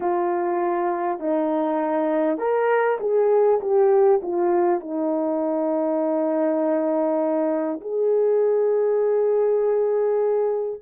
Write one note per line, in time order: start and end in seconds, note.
0.00 1.19 F4
1.19 2.38 D#4
2.38 2.98 A#4
3.00 3.60 G#4
3.60 4.20 G4
4.22 4.80 F4
4.80 7.80 D#4
7.80 10.80 G#4